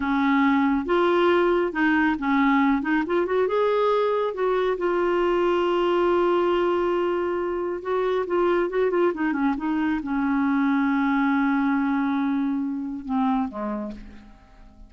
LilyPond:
\new Staff \with { instrumentName = "clarinet" } { \time 4/4 \tempo 4 = 138 cis'2 f'2 | dis'4 cis'4. dis'8 f'8 fis'8 | gis'2 fis'4 f'4~ | f'1~ |
f'2 fis'4 f'4 | fis'8 f'8 dis'8 cis'8 dis'4 cis'4~ | cis'1~ | cis'2 c'4 gis4 | }